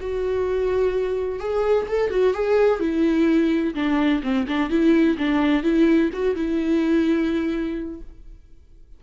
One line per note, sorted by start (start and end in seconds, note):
0.00 1.39 F#4
1.39 1.86 G#4
1.88 2.10 A4
2.10 2.33 F#4
2.34 2.79 G#4
2.79 3.74 E4
3.74 4.22 D4
4.23 4.46 C4
4.48 4.69 D4
4.69 5.17 E4
5.17 5.63 D4
5.63 6.10 E4
6.13 6.35 F#4
6.35 8.01 E4